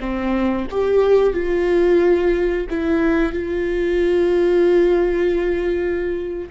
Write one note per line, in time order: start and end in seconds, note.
0.00 0.67 C4
0.71 1.33 G4
1.33 2.67 F4
2.70 3.33 E4
3.33 6.49 F4